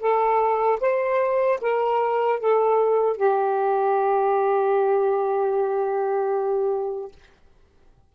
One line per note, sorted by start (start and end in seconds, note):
0.00 0.79 A4
0.80 1.59 C5
1.61 2.40 A#4
2.40 3.17 A4
3.17 7.12 G4